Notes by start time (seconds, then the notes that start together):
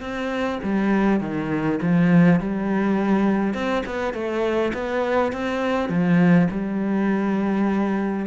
0.00 C4
0.63 G3
1.20 D#3
1.82 F3
2.40 G3
3.54 C4
3.86 B3
4.13 A3
4.73 B3
5.32 C4
5.89 F3
6.51 G3